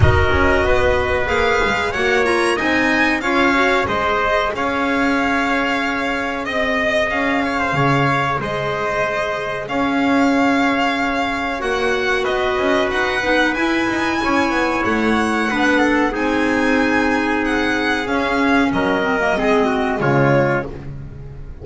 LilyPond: <<
  \new Staff \with { instrumentName = "violin" } { \time 4/4 \tempo 4 = 93 dis''2 f''4 fis''8 ais''8 | gis''4 f''4 dis''4 f''4~ | f''2 dis''4 f''4~ | f''4 dis''2 f''4~ |
f''2 fis''4 dis''4 | fis''4 gis''2 fis''4~ | fis''4 gis''2 fis''4 | f''4 dis''2 cis''4 | }
  \new Staff \with { instrumentName = "trumpet" } { \time 4/4 ais'4 b'2 cis''4 | dis''4 cis''4 c''4 cis''4~ | cis''2 dis''4. cis''16 c''16 | cis''4 c''2 cis''4~ |
cis''2. b'4~ | b'2 cis''2 | b'8 a'8 gis'2.~ | gis'4 ais'4 gis'8 fis'8 f'4 | }
  \new Staff \with { instrumentName = "clarinet" } { \time 4/4 fis'2 gis'4 fis'8 f'8 | dis'4 f'8 fis'8 gis'2~ | gis'1~ | gis'1~ |
gis'2 fis'2~ | fis'8 dis'8 e'2. | d'4 dis'2. | cis'4. c'16 ais16 c'4 gis4 | }
  \new Staff \with { instrumentName = "double bass" } { \time 4/4 dis'8 cis'8 b4 ais8 gis8 ais4 | c'4 cis'4 gis4 cis'4~ | cis'2 c'4 cis'4 | cis4 gis2 cis'4~ |
cis'2 ais4 b8 cis'8 | dis'8 b8 e'8 dis'8 cis'8 b8 a4 | b4 c'2. | cis'4 fis4 gis4 cis4 | }
>>